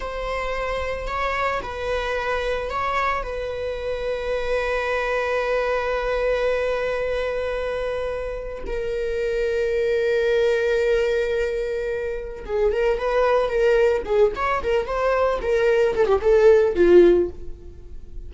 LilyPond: \new Staff \with { instrumentName = "viola" } { \time 4/4 \tempo 4 = 111 c''2 cis''4 b'4~ | b'4 cis''4 b'2~ | b'1~ | b'1 |
ais'1~ | ais'2. gis'8 ais'8 | b'4 ais'4 gis'8 cis''8 ais'8 c''8~ | c''8 ais'4 a'16 g'16 a'4 f'4 | }